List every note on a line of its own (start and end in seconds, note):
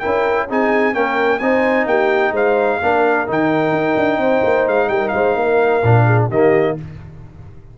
0.00 0.51 C#4
0.00 0.49 E4
0.00 0.48 A#4
0.00 0.47 G5
0.50 0.95 C4
0.50 0.94 D#4
0.50 0.95 G#4
0.50 0.95 G#5
0.94 1.41 A#3
0.94 1.41 C#4
0.94 1.42 A#4
0.94 1.39 G5
1.39 1.86 C4
1.39 2.82 D#4
1.39 1.89 C5
1.39 1.86 G#5
1.86 2.32 A#3
1.86 2.33 G4
1.86 2.34 G5
2.32 2.78 G#3
2.32 2.80 C5
2.32 3.29 F5
2.83 3.29 A#3
2.83 3.27 D4
2.83 4.21 A#4
3.27 3.72 D#3
3.27 5.83 D#4
3.27 4.68 G5
3.72 3.95 D#4
3.97 4.18 D4
4.18 4.41 C4
4.18 4.90 C5
4.44 4.67 A#3
4.67 4.89 G#3
4.67 4.90 F5
4.89 5.12 G3
4.89 5.14 A#4
4.89 5.09 G5
5.09 5.36 G#3
5.09 5.37 C5
5.09 6.25 F5
5.36 5.82 A#3
5.36 6.06 A#4
5.83 6.30 A#2
5.83 6.31 D4
6.06 6.29 G#4
6.29 6.76 D#3
6.29 6.78 A#3
6.29 6.76 G4
6.29 6.78 D#5